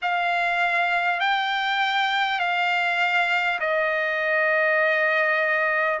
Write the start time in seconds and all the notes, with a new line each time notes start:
0.02 F5
1.20 G5
2.39 F5
3.60 D#5